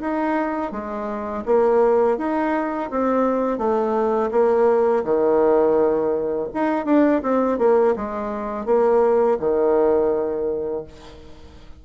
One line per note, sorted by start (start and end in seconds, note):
0.00 0.71 D#4
0.71 1.44 G#3
1.45 2.17 A#3
2.17 2.89 D#4
2.90 3.58 C4
3.58 4.30 A3
4.31 5.03 A#3
5.04 6.48 D#3
6.54 6.85 D#4
6.85 7.21 D4
7.22 7.58 C4
7.58 7.94 A#3
7.96 8.65 G#3
8.65 9.37 A#3
9.39 10.84 D#3